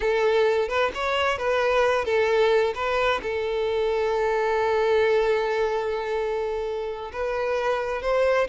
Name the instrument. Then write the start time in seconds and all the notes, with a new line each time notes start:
violin
0.00 A4
0.68 B4
0.94 C#5
1.38 B4
2.04 A4
2.74 B4
3.22 A4
7.12 B4
8.02 C5